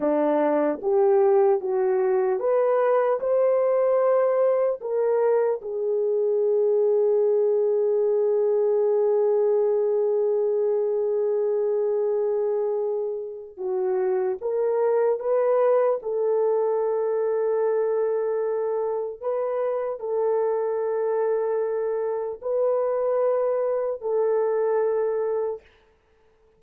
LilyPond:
\new Staff \with { instrumentName = "horn" } { \time 4/4 \tempo 4 = 75 d'4 g'4 fis'4 b'4 | c''2 ais'4 gis'4~ | gis'1~ | gis'1~ |
gis'4 fis'4 ais'4 b'4 | a'1 | b'4 a'2. | b'2 a'2 | }